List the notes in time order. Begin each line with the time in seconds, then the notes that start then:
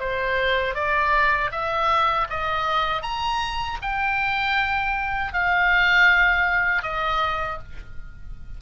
0.00 C5
0.75 D5
1.52 E5
2.30 D#5
3.02 A#5
3.82 G5
5.33 F5
6.83 D#5